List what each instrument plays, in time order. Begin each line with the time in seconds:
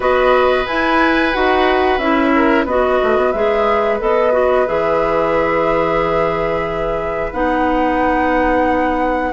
0.00 bassoon B3, clarinet F#4, oboe B4, flute D#5
0.66 bassoon E4, clarinet E4, flute G#5
1.32 bassoon D#4, clarinet F#4, flute F#5
1.98 bassoon C#4, clarinet E4, flute E5
2.35 oboe A#4
2.65 bassoon B3, clarinet F#4, oboe B4, flute D#5
3.03 bassoon A3
3.16 bassoon B3
3.32 bassoon G#3, clarinet G#4, flute E5
3.99 bassoon B3, clarinet A4, flute D#5
4.32 clarinet F#4
4.66 bassoon E3, clarinet G#4, flute E5
7.32 bassoon B3, clarinet D#4, flute F#5